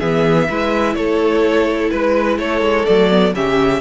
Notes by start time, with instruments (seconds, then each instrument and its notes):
0.00 cello E3, viola B3, violin G#4 E5
0.48 cello G#3, viola E4, violin B4
0.95 cello A3, violin A4 C#5
1.91 cello G#3, violin B4
2.39 cello A3, violin A4 C#5
2.61 cello G#3
2.86 cello F#3, viola A3, violin D5
3.10 viola B3
3.35 cello C#3, viola C#4, violin G4 E5